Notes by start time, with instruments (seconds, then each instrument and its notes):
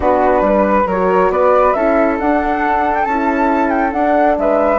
0.00 bassoon B3, horn D4, flute F#4 B4
0.40 bassoon G3, flute B4
0.86 bassoon F#3, flute A#4 C#5
0.92 horn F#4
1.29 bassoon B3, flute B4 D5
1.73 bassoon C#4, horn E4, flute A4 E5
2.18 horn D4, bassoon D4, flute F#5
2.94 flute G5
3.04 bassoon C#4, horn E4, flute A5
3.69 flute G5
3.91 horn D4, bassoon D4, flute F#5
4.37 bassoon G#3, flute B4 E5